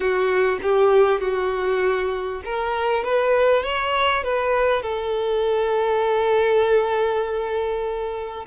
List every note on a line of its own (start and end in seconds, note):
0.00 0.58 F#4
0.62 1.20 G4
1.20 2.41 F#4
2.44 3.04 A#4
3.04 3.63 B4
3.63 4.23 C#5
4.23 4.82 B4
4.82 8.45 A4